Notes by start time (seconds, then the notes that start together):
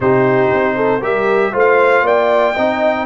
0.00 C3 D#4 G4 C5
0.53 C4
0.76 A4
0.99 G3 G4 A#4 E5
1.52 A3 F4 C5
1.58 F5
2.02 A#3 D5 G5
2.54 C4 D#4 D#5